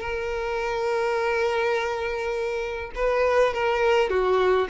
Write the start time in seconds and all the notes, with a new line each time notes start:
0.00 A#4
2.95 B4
3.53 A#4
4.09 F#4